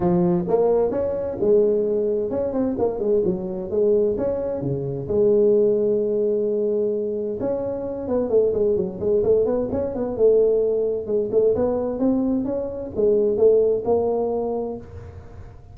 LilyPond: \new Staff \with { instrumentName = "tuba" } { \time 4/4 \tempo 4 = 130 f4 ais4 cis'4 gis4~ | gis4 cis'8 c'8 ais8 gis8 fis4 | gis4 cis'4 cis4 gis4~ | gis1 |
cis'4. b8 a8 gis8 fis8 gis8 | a8 b8 cis'8 b8 a2 | gis8 a8 b4 c'4 cis'4 | gis4 a4 ais2 | }